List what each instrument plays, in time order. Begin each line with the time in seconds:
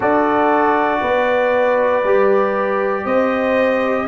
0.00 tuba D4, trombone F#4, horn A4, trumpet D5
1.00 tuba B3, horn B4
2.03 tuba G3, trombone G4
3.04 tuba C4, horn C5, trumpet D#5